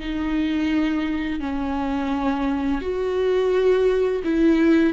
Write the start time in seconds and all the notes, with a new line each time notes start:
0.00 D#4
1.40 C#4
2.81 F#4
4.24 E4